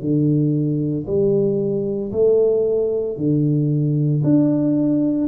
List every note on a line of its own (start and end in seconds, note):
0.00 1.05 D3
1.06 2.11 G3
2.11 3.17 A3
3.17 4.22 D3
4.23 5.27 D4